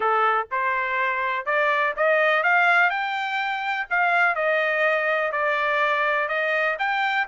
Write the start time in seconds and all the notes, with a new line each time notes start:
0.00 A4
0.51 C5
1.45 D5
1.96 D#5
2.43 F5
2.89 G5
3.90 F5
4.35 D#5
5.32 D5
6.28 D#5
6.78 G5